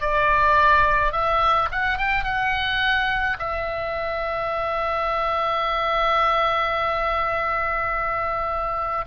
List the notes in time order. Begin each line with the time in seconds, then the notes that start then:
0.00 D5
1.12 E5
1.71 F#5
1.98 G5
2.23 F#5
3.39 E5